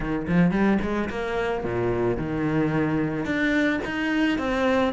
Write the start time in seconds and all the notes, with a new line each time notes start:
0.00 D#3
0.27 F3
0.51 G3
0.82 G#3
1.09 A#3
1.64 A#2
2.17 D#3
3.25 D4
3.85 D#4
4.38 C4